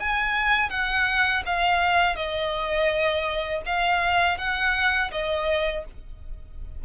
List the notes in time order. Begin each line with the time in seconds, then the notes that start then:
0.00 G#5
0.70 F#5
1.46 F5
2.16 D#5
3.66 F5
4.38 F#5
5.12 D#5